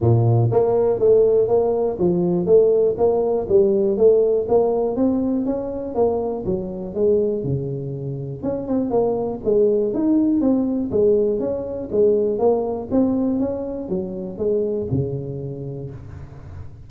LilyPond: \new Staff \with { instrumentName = "tuba" } { \time 4/4 \tempo 4 = 121 ais,4 ais4 a4 ais4 | f4 a4 ais4 g4 | a4 ais4 c'4 cis'4 | ais4 fis4 gis4 cis4~ |
cis4 cis'8 c'8 ais4 gis4 | dis'4 c'4 gis4 cis'4 | gis4 ais4 c'4 cis'4 | fis4 gis4 cis2 | }